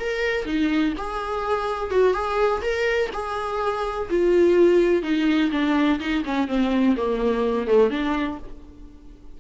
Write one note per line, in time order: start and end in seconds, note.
0.00 0.46 A#4
0.46 0.94 D#4
0.98 1.91 G#4
1.91 2.14 F#4
2.14 2.62 G#4
2.62 3.10 A#4
3.13 4.09 G#4
4.10 5.03 F4
5.03 5.51 D#4
5.52 6.00 D4
6.00 6.24 D#4
6.26 6.48 C#4
6.48 6.96 C4
6.97 7.67 A#3
7.67 7.90 A3
7.90 8.38 D4